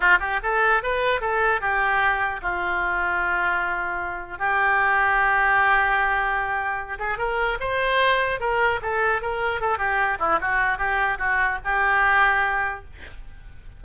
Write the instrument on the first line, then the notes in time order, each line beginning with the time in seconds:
oboe
0.00 F4
0.19 G4
0.43 A4
0.83 B4
1.20 A4
1.61 G4
2.41 F4
4.38 G4
6.98 G#4
7.17 A#4
7.60 C5
8.40 A#4
8.82 A4
9.21 A#4
9.61 A4
9.78 G4
10.19 E4
10.41 F#4
10.78 G4
11.18 F#4
11.64 G4